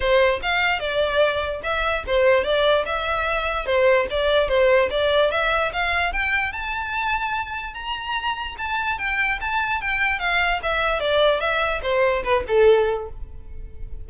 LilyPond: \new Staff \with { instrumentName = "violin" } { \time 4/4 \tempo 4 = 147 c''4 f''4 d''2 | e''4 c''4 d''4 e''4~ | e''4 c''4 d''4 c''4 | d''4 e''4 f''4 g''4 |
a''2. ais''4~ | ais''4 a''4 g''4 a''4 | g''4 f''4 e''4 d''4 | e''4 c''4 b'8 a'4. | }